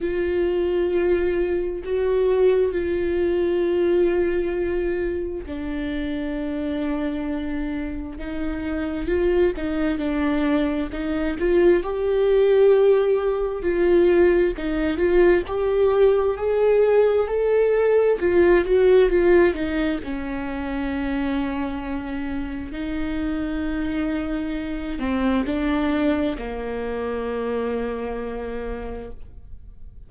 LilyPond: \new Staff \with { instrumentName = "viola" } { \time 4/4 \tempo 4 = 66 f'2 fis'4 f'4~ | f'2 d'2~ | d'4 dis'4 f'8 dis'8 d'4 | dis'8 f'8 g'2 f'4 |
dis'8 f'8 g'4 gis'4 a'4 | f'8 fis'8 f'8 dis'8 cis'2~ | cis'4 dis'2~ dis'8 c'8 | d'4 ais2. | }